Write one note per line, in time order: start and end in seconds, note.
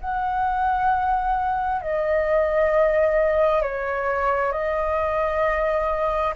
0.00 1.81 F#5
1.81 3.62 D#5
3.62 4.52 C#5
4.52 6.34 D#5